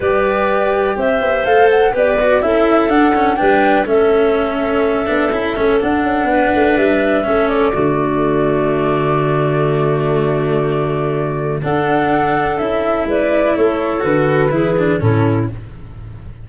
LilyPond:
<<
  \new Staff \with { instrumentName = "flute" } { \time 4/4 \tempo 4 = 124 d''2 e''4 f''8 fis''8 | d''4 e''4 fis''4 g''4 | e''1 | fis''2 e''4. d''8~ |
d''1~ | d''1 | fis''2 e''4 d''4 | cis''4 b'2 a'4 | }
  \new Staff \with { instrumentName = "clarinet" } { \time 4/4 b'2 c''2 | b'4 a'2 b'4 | a'1~ | a'4 b'2 a'4 |
fis'1~ | fis'1 | a'2. b'4 | a'2 gis'4 e'4 | }
  \new Staff \with { instrumentName = "cello" } { \time 4/4 g'2. a'4 | g'8 fis'8 e'4 d'8 cis'8 d'4 | cis'2~ cis'8 d'8 e'8 cis'8 | d'2. cis'4 |
a1~ | a1 | d'2 e'2~ | e'4 fis'4 e'8 d'8 cis'4 | }
  \new Staff \with { instrumentName = "tuba" } { \time 4/4 g2 c'8 b8 a4 | b4 cis'4 d'4 g4 | a2~ a8 b8 cis'8 a8 | d'8 cis'8 b8 a8 g4 a4 |
d1~ | d1 | d'2 cis'4 gis4 | a4 d4 e4 a,4 | }
>>